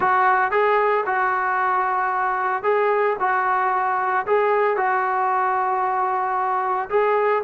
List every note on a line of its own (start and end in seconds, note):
0.00 0.51 F#4
0.51 1.04 G#4
1.05 2.63 F#4
2.63 3.16 G#4
3.19 4.26 F#4
4.26 4.76 G#4
4.76 6.89 F#4
6.89 7.42 G#4